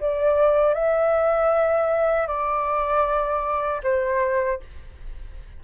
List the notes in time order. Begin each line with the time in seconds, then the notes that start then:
0.00 D5
0.74 E5
2.28 D5
3.83 C5